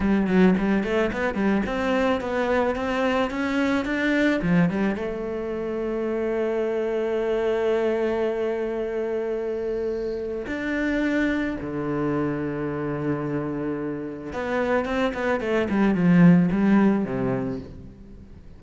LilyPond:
\new Staff \with { instrumentName = "cello" } { \time 4/4 \tempo 4 = 109 g8 fis8 g8 a8 b8 g8 c'4 | b4 c'4 cis'4 d'4 | f8 g8 a2.~ | a1~ |
a2. d'4~ | d'4 d2.~ | d2 b4 c'8 b8 | a8 g8 f4 g4 c4 | }